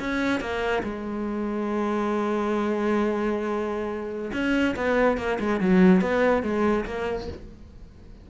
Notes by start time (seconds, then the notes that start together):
0.00 C#4
0.41 A#3
0.83 G#3
4.33 C#4
4.76 B3
5.18 A#3
5.40 G#3
5.61 F#3
6.02 B3
6.43 G#3
6.85 A#3